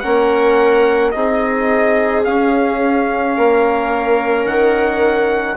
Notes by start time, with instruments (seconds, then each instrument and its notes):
0.00 bassoon A#3, trombone C#4, viola A#4, trumpet F#5
1.12 bassoon C4, trombone D#4, viola G#4, trumpet D#5
2.25 trombone C#4, bassoon C#4, trumpet F5
3.37 bassoon A#3, viola A#4
4.45 bassoon D#3, trumpet F#5